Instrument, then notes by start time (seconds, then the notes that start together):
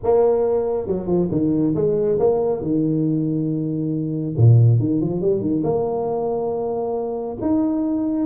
tuba
0.03 A#3
0.87 F#3
1.06 F3
1.31 D#3
1.75 G#3
2.19 A#3
2.61 D#3
4.37 A#2
4.79 D#3
5.00 F3
5.21 G3
5.41 D#3
5.63 A#3
7.41 D#4